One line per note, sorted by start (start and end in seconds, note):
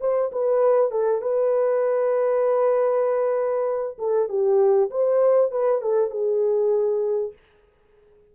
0.00 0.31 C5
0.32 0.91 B4
0.91 1.21 A4
1.21 3.97 B4
3.98 4.29 A4
4.29 4.90 G4
4.90 5.51 C5
5.51 5.81 B4
5.81 6.10 A4
6.10 7.32 G#4